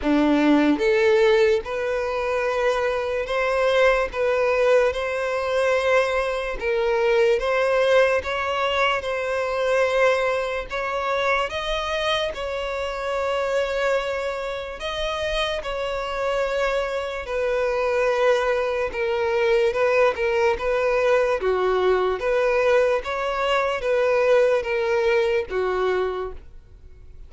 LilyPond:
\new Staff \with { instrumentName = "violin" } { \time 4/4 \tempo 4 = 73 d'4 a'4 b'2 | c''4 b'4 c''2 | ais'4 c''4 cis''4 c''4~ | c''4 cis''4 dis''4 cis''4~ |
cis''2 dis''4 cis''4~ | cis''4 b'2 ais'4 | b'8 ais'8 b'4 fis'4 b'4 | cis''4 b'4 ais'4 fis'4 | }